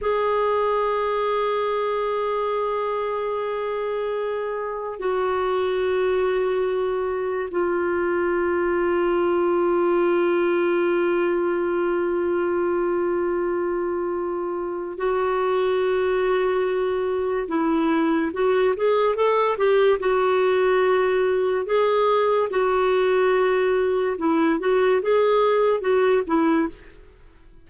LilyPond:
\new Staff \with { instrumentName = "clarinet" } { \time 4/4 \tempo 4 = 72 gis'1~ | gis'2 fis'2~ | fis'4 f'2.~ | f'1~ |
f'2 fis'2~ | fis'4 e'4 fis'8 gis'8 a'8 g'8 | fis'2 gis'4 fis'4~ | fis'4 e'8 fis'8 gis'4 fis'8 e'8 | }